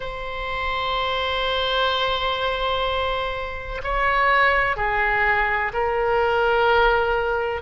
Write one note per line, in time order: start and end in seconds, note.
0.00 3.81 C5
3.83 4.76 C#5
4.76 5.71 G#4
5.73 7.61 A#4